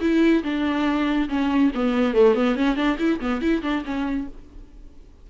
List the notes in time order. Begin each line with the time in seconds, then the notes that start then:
0.00 E4
0.43 D4
1.28 C#4
1.74 B3
2.14 A3
2.34 B3
2.55 C#4
2.75 D4
2.98 E4
3.20 B3
3.41 E4
3.62 D4
3.84 C#4